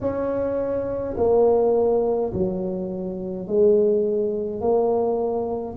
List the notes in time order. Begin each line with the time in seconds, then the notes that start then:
0.00 C#4
1.17 A#3
2.33 F#3
3.47 G#3
4.60 A#3